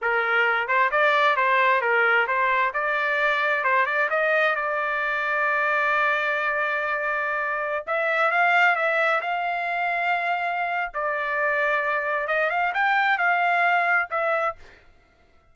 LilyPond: \new Staff \with { instrumentName = "trumpet" } { \time 4/4 \tempo 4 = 132 ais'4. c''8 d''4 c''4 | ais'4 c''4 d''2 | c''8 d''8 dis''4 d''2~ | d''1~ |
d''4~ d''16 e''4 f''4 e''8.~ | e''16 f''2.~ f''8. | d''2. dis''8 f''8 | g''4 f''2 e''4 | }